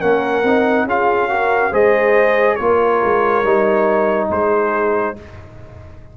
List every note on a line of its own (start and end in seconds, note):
0.00 0.43 A#3
0.00 0.43 C#4
0.00 0.86 A#4
0.00 0.87 F#5
0.43 0.85 C4
0.43 0.89 D#4
0.85 1.71 C#4
0.85 1.30 F4
0.85 1.30 G#4
0.85 1.74 F5
1.30 1.72 F#4
1.30 1.71 A#4
1.71 2.59 G#3
1.71 2.59 G#4
1.71 2.57 C5
1.71 2.56 D#5
2.56 3.03 A#3
2.56 3.45 F4
2.56 4.29 A#4
2.56 4.27 C#5
3.03 3.44 G#3
3.44 4.30 G3
3.44 5.16 D#4
4.30 5.16 G#3
4.30 5.17 G#4
4.30 5.17 C5